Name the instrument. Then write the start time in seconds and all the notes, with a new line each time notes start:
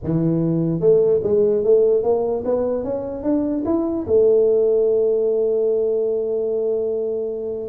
tuba
0.03 E3
0.80 A3
1.23 G#3
1.64 A3
2.03 A#3
2.44 B3
2.83 C#4
3.23 D4
3.65 E4
4.07 A3